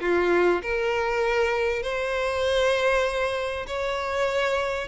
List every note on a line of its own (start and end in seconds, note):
0.00 0.61 F4
0.62 1.82 A#4
1.82 3.66 C5
3.67 4.87 C#5